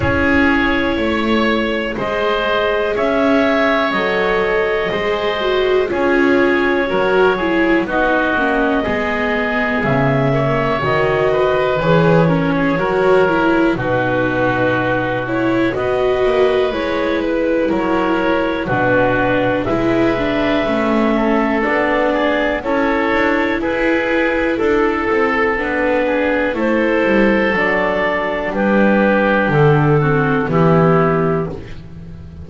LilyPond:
<<
  \new Staff \with { instrumentName = "clarinet" } { \time 4/4 \tempo 4 = 61 cis''2 dis''4 e''4 | dis''2 cis''2 | dis''2 e''4 dis''4 | cis''2 b'4. cis''8 |
dis''4 cis''8 b'8 cis''4 b'4 | e''2 d''4 cis''4 | b'4 a'4 b'4 c''4 | d''4 b'4 a'4 g'4 | }
  \new Staff \with { instrumentName = "oboe" } { \time 4/4 gis'4 cis''4 c''4 cis''4~ | cis''4 c''4 gis'4 ais'8 gis'8 | fis'4 gis'4. cis''4 b'8~ | b'8 ais'16 gis'16 ais'4 fis'2 |
b'2 ais'4 fis'4 | b'4. a'4 gis'8 a'4 | gis'4 a'4. gis'8 a'4~ | a'4 g'4. fis'8 e'4 | }
  \new Staff \with { instrumentName = "viola" } { \time 4/4 e'2 gis'2 | a'4 gis'8 fis'8 f'4 fis'8 e'8 | dis'8 cis'8 b4. ais8 fis'4 | gis'8 cis'8 fis'8 e'8 dis'4. e'8 |
fis'4 e'2 d'4 | e'8 d'8 cis'4 d'4 e'4~ | e'2 d'4 e'4 | d'2~ d'8 c'8 b4 | }
  \new Staff \with { instrumentName = "double bass" } { \time 4/4 cis'4 a4 gis4 cis'4 | fis4 gis4 cis'4 fis4 | b8 ais8 gis4 cis4 dis4 | e4 fis4 b,2 |
b8 ais8 gis4 fis4 b,4 | gis4 a4 b4 cis'8 d'8 | e'4 d'8 c'8 b4 a8 g8 | fis4 g4 d4 e4 | }
>>